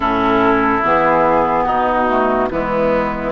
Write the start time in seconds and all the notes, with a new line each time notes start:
0.00 A2 C#4 E4 A4
0.83 E3 B3 G#4
1.64 B2 D#4 F#4
2.07 A3
2.50 E3 G#3 B3 E4